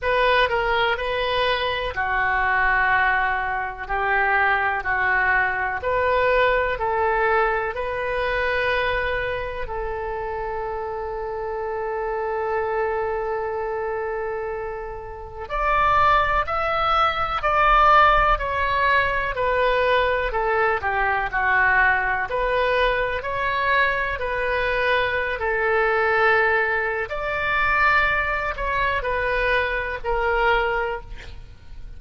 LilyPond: \new Staff \with { instrumentName = "oboe" } { \time 4/4 \tempo 4 = 62 b'8 ais'8 b'4 fis'2 | g'4 fis'4 b'4 a'4 | b'2 a'2~ | a'1 |
d''4 e''4 d''4 cis''4 | b'4 a'8 g'8 fis'4 b'4 | cis''4 b'4~ b'16 a'4.~ a'16 | d''4. cis''8 b'4 ais'4 | }